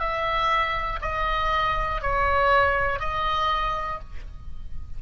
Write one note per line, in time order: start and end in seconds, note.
0.00 1.00 E5
1.02 2.02 D#5
2.02 3.00 C#5
3.00 4.00 D#5